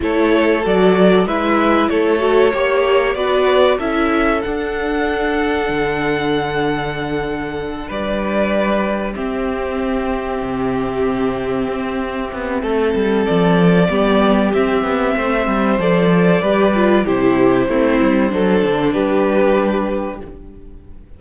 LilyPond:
<<
  \new Staff \with { instrumentName = "violin" } { \time 4/4 \tempo 4 = 95 cis''4 d''4 e''4 cis''4~ | cis''4 d''4 e''4 fis''4~ | fis''1~ | fis''8 d''2 e''4.~ |
e''1~ | e''4 d''2 e''4~ | e''4 d''2 c''4~ | c''2 b'2 | }
  \new Staff \with { instrumentName = "violin" } { \time 4/4 a'2 b'4 a'4 | cis''4 b'4 a'2~ | a'1~ | a'8 b'2 g'4.~ |
g'1 | a'2 g'2 | c''2 b'4 g'4 | e'4 a'4 g'2 | }
  \new Staff \with { instrumentName = "viola" } { \time 4/4 e'4 fis'4 e'4. fis'8 | g'4 fis'4 e'4 d'4~ | d'1~ | d'2~ d'8 c'4.~ |
c'1~ | c'2 b4 c'4~ | c'4 a'4 g'8 f'8 e'4 | c'4 d'2. | }
  \new Staff \with { instrumentName = "cello" } { \time 4/4 a4 fis4 gis4 a4 | ais4 b4 cis'4 d'4~ | d'4 d2.~ | d8 g2 c'4.~ |
c'8 c2 c'4 b8 | a8 g8 f4 g4 c'8 b8 | a8 g8 f4 g4 c4 | a8 g8 fis8 d8 g2 | }
>>